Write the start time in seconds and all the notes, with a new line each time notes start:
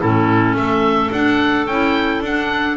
0.00 A2 C#4 E4 A4
0.54 A3 A4 E5
1.11 D4 F#5
1.66 C#4 E4 G5
2.20 D4 F#5